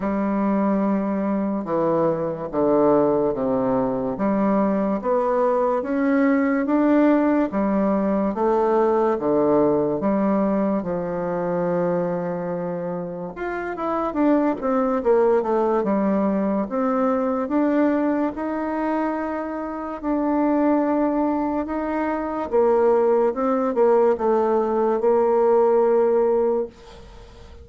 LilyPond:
\new Staff \with { instrumentName = "bassoon" } { \time 4/4 \tempo 4 = 72 g2 e4 d4 | c4 g4 b4 cis'4 | d'4 g4 a4 d4 | g4 f2. |
f'8 e'8 d'8 c'8 ais8 a8 g4 | c'4 d'4 dis'2 | d'2 dis'4 ais4 | c'8 ais8 a4 ais2 | }